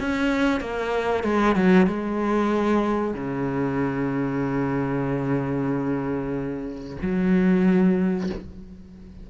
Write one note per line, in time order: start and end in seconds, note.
0.00 0.61 C#4
0.61 1.24 A#3
1.24 1.56 G#3
1.56 1.87 F#3
1.87 3.14 G#3
3.14 6.97 C#3
7.02 8.29 F#3